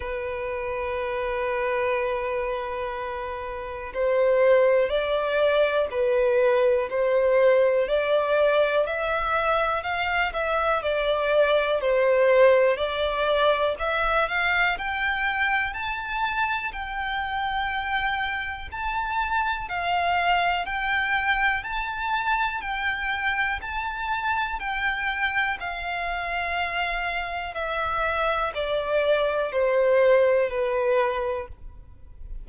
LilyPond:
\new Staff \with { instrumentName = "violin" } { \time 4/4 \tempo 4 = 61 b'1 | c''4 d''4 b'4 c''4 | d''4 e''4 f''8 e''8 d''4 | c''4 d''4 e''8 f''8 g''4 |
a''4 g''2 a''4 | f''4 g''4 a''4 g''4 | a''4 g''4 f''2 | e''4 d''4 c''4 b'4 | }